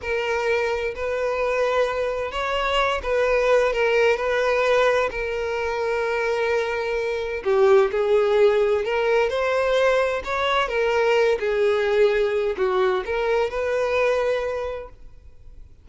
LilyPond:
\new Staff \with { instrumentName = "violin" } { \time 4/4 \tempo 4 = 129 ais'2 b'2~ | b'4 cis''4. b'4. | ais'4 b'2 ais'4~ | ais'1 |
g'4 gis'2 ais'4 | c''2 cis''4 ais'4~ | ais'8 gis'2~ gis'8 fis'4 | ais'4 b'2. | }